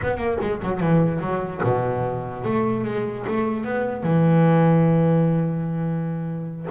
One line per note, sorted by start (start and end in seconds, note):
0.02 0.17 B3
0.17 0.37 A#3
0.41 0.61 G#3
0.62 0.80 F#3
0.80 1.20 E3
1.20 1.61 F#3
1.63 2.44 B2
2.44 2.84 A3
2.84 3.25 G#3
3.27 3.64 A3
3.64 4.03 B3
4.03 6.66 E3